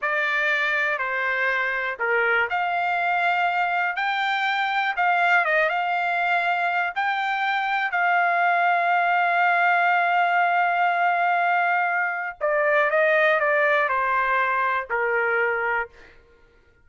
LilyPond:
\new Staff \with { instrumentName = "trumpet" } { \time 4/4 \tempo 4 = 121 d''2 c''2 | ais'4 f''2. | g''2 f''4 dis''8 f''8~ | f''2 g''2 |
f''1~ | f''1~ | f''4 d''4 dis''4 d''4 | c''2 ais'2 | }